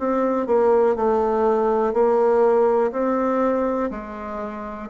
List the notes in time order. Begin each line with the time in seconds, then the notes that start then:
0.00 C4
0.47 A#3
0.97 A3
1.94 A#3
2.92 C4
3.91 G#3